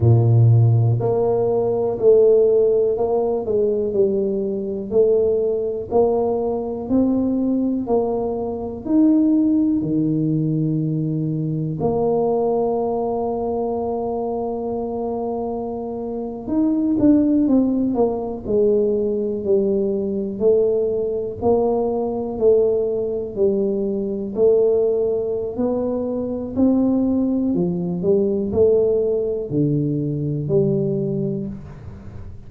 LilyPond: \new Staff \with { instrumentName = "tuba" } { \time 4/4 \tempo 4 = 61 ais,4 ais4 a4 ais8 gis8 | g4 a4 ais4 c'4 | ais4 dis'4 dis2 | ais1~ |
ais8. dis'8 d'8 c'8 ais8 gis4 g16~ | g8. a4 ais4 a4 g16~ | g8. a4~ a16 b4 c'4 | f8 g8 a4 d4 g4 | }